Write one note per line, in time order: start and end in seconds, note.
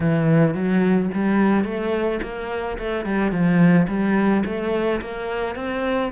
0.00 0.54 E3
0.54 1.09 F#3
1.14 1.64 G3
1.64 2.19 A3
2.22 2.78 A#3
2.78 3.05 A3
3.05 3.31 G3
3.31 3.87 F3
3.88 4.43 G3
4.45 5.00 A3
5.01 5.55 A#3
5.55 6.11 C4